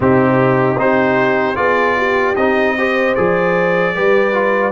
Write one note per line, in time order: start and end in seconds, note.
0.00 0.77 C3
0.00 0.75 C4
0.00 0.79 D#4
0.00 0.79 G4
0.77 1.56 C4
0.77 1.55 D#4
0.77 1.56 G4
0.77 1.56 C5
1.55 2.35 B3
1.55 2.34 F4
1.55 1.96 G#4
1.55 2.35 D5
1.97 2.76 G4
2.35 3.15 C4
2.35 2.77 D#4
2.35 3.14 D#5
2.77 3.16 G4
2.77 3.95 C5
3.15 3.95 F3
3.15 3.95 G#4
3.15 4.72 D5
3.95 4.72 G3
3.95 4.33 G4
3.95 4.72 B4
4.33 4.72 F4